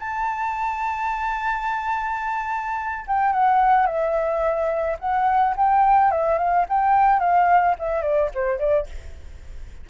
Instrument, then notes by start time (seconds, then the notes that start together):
flute
0.00 A5
3.07 G5
3.33 F#5
3.86 E5
4.99 F#5
5.57 G5
6.11 E5
6.38 F5
6.69 G5
7.20 F5
7.79 E5
8.02 D5
8.35 C5
8.59 D5